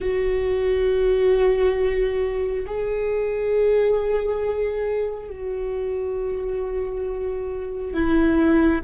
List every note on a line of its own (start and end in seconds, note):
0.00 2.65 F#4
2.66 5.29 G#4
5.29 7.93 F#4
7.93 8.81 E4